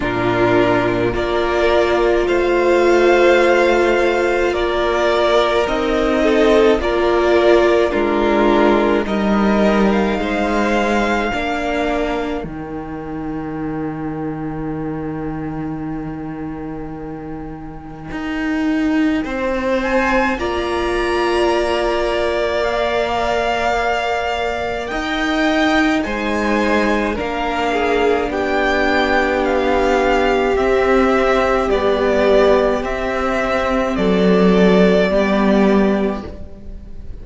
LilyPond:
<<
  \new Staff \with { instrumentName = "violin" } { \time 4/4 \tempo 4 = 53 ais'4 d''4 f''2 | d''4 dis''4 d''4 ais'4 | dis''8. f''2~ f''16 g''4~ | g''1~ |
g''4. gis''8 ais''2 | f''2 g''4 gis''4 | f''4 g''4 f''4 e''4 | d''4 e''4 d''2 | }
  \new Staff \with { instrumentName = "violin" } { \time 4/4 f'4 ais'4 c''2 | ais'4. a'8 ais'4 f'4 | ais'4 c''4 ais'2~ | ais'1~ |
ais'4 c''4 d''2~ | d''2 dis''4 c''4 | ais'8 gis'8 g'2.~ | g'2 a'4 g'4 | }
  \new Staff \with { instrumentName = "viola" } { \time 4/4 d'4 f'2.~ | f'4 dis'4 f'4 d'4 | dis'2 d'4 dis'4~ | dis'1~ |
dis'2 f'2 | ais'2. dis'4 | d'2. c'4 | g4 c'2 b4 | }
  \new Staff \with { instrumentName = "cello" } { \time 4/4 ais,4 ais4 a2 | ais4 c'4 ais4 gis4 | g4 gis4 ais4 dis4~ | dis1 |
dis'4 c'4 ais2~ | ais2 dis'4 gis4 | ais4 b2 c'4 | b4 c'4 fis4 g4 | }
>>